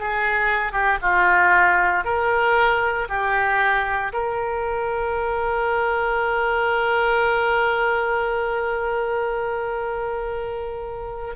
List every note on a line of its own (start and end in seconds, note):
0.00 0.72 G#4
0.72 0.98 G4
1.02 2.05 F4
2.05 3.08 A#4
3.09 4.12 G4
4.13 11.36 A#4